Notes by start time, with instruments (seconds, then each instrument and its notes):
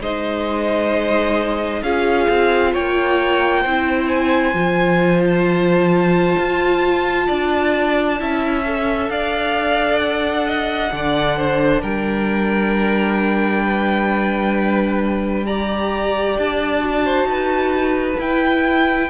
0.00 cello G#3, viola D#4, violin C5 D#5
1.82 cello C#4, viola F4, violin G#4 F5
2.29 cello C4
2.72 cello A#3, violin C#5 G5
3.61 cello C4, viola E4, violin C5
4.07 violin G#5
4.53 cello F3, viola F4
5.25 violin A5
6.38 cello F4
7.27 cello D4, violin D5
8.18 cello C#4, viola E4, violin E5
8.64 viola A4
9.09 cello D4, violin D5 F5
9.99 violin F#5
10.46 violin D#5
10.90 cello D3, viola D4, violin D5
11.37 violin C5
11.81 cello G3, violin A#4 G5
13.63 violin B4
15.45 viola G4, violin D5 A#5
16.38 cello D4, violin A5
16.80 viola F#4
17.05 violin C5
17.23 cello D#4, violin B4
18.17 viola E4, cello E4, violin G5